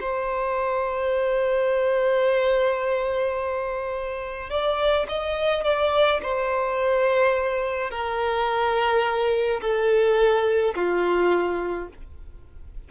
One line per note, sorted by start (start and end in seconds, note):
0.00 4.50 C5
4.50 5.06 D5
5.09 5.64 D#5
5.64 6.21 D5
6.23 7.91 C5
7.91 9.61 A#4
9.62 10.75 A4
10.75 11.88 F4